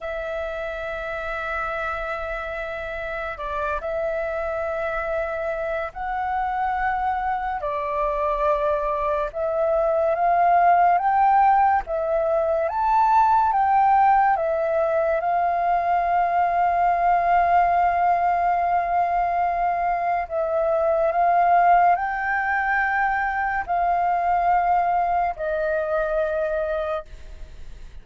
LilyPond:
\new Staff \with { instrumentName = "flute" } { \time 4/4 \tempo 4 = 71 e''1 | d''8 e''2~ e''8 fis''4~ | fis''4 d''2 e''4 | f''4 g''4 e''4 a''4 |
g''4 e''4 f''2~ | f''1 | e''4 f''4 g''2 | f''2 dis''2 | }